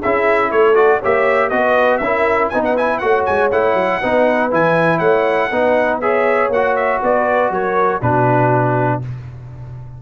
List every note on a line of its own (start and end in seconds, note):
0.00 0.52 C#4
0.00 0.75 E4
0.00 0.50 G#4
0.00 0.52 E5
0.52 1.02 A3
0.52 0.99 A4
0.52 0.76 C#5
0.75 1.00 F#4
0.75 1.01 D5
0.99 1.51 A#3
0.99 1.51 G4
0.99 1.49 C#5
0.99 1.50 E5
1.50 2.01 B3
1.50 2.01 F#4
1.50 2.01 B4
1.50 1.98 D#5
1.98 2.51 C#4
1.98 2.48 E5
2.04 2.54 E4
2.04 2.51 A#4
2.49 3.02 B3
2.49 2.77 D#4
2.49 3.01 B4
2.49 2.62 G#5
2.64 2.77 F#5
2.77 3.01 E4
2.77 2.98 G#5
2.98 3.27 A3
2.98 3.51 F#4
2.98 4.00 C#5
2.98 3.23 F#5
3.26 3.51 G#3
3.26 3.51 G#5
3.51 3.74 A3
3.51 4.02 E4
3.51 4.52 F#5
3.74 3.99 F#3
4.00 4.52 B3
4.00 4.51 D#4
4.00 4.98 B4
4.51 5.00 E3
4.51 5.51 E4
4.51 4.99 G#5
4.98 5.50 A3
4.98 5.48 C#5
4.98 5.99 F#5
5.52 6.49 B3
5.52 6.02 D#4
5.52 6.01 B4
6.01 6.52 G#4
6.01 7.01 C#5
6.01 6.51 E5
6.49 6.99 A#3
6.49 8.02 F#4
6.49 6.76 F#5
6.76 7.01 E5
7.02 7.50 B3
7.02 7.52 B4
7.02 7.53 D5
7.50 8.00 F#3
7.50 8.02 A#4
7.50 8.02 C#5
8.02 9.02 B2
8.02 9.02 D4
8.02 9.02 F#4
8.02 9.02 B4